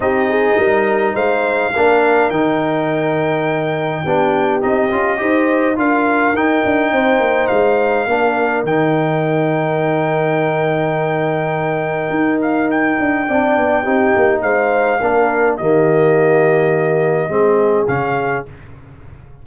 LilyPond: <<
  \new Staff \with { instrumentName = "trumpet" } { \time 4/4 \tempo 4 = 104 dis''2 f''2 | g''1 | dis''2 f''4 g''4~ | g''4 f''2 g''4~ |
g''1~ | g''4. f''8 g''2~ | g''4 f''2 dis''4~ | dis''2. f''4 | }
  \new Staff \with { instrumentName = "horn" } { \time 4/4 g'8 gis'8 ais'4 c''4 ais'4~ | ais'2. g'4~ | g'4 c''4 ais'2 | c''2 ais'2~ |
ais'1~ | ais'2. d''4 | g'4 c''4 ais'4 g'4~ | g'2 gis'2 | }
  \new Staff \with { instrumentName = "trombone" } { \time 4/4 dis'2. d'4 | dis'2. d'4 | dis'8 f'8 g'4 f'4 dis'4~ | dis'2 d'4 dis'4~ |
dis'1~ | dis'2. d'4 | dis'2 d'4 ais4~ | ais2 c'4 cis'4 | }
  \new Staff \with { instrumentName = "tuba" } { \time 4/4 c'4 g4 gis4 ais4 | dis2. b4 | c'8 cis'8 dis'4 d'4 dis'8 d'8 | c'8 ais8 gis4 ais4 dis4~ |
dis1~ | dis4 dis'4. d'8 c'8 b8 | c'8 ais8 gis4 ais4 dis4~ | dis2 gis4 cis4 | }
>>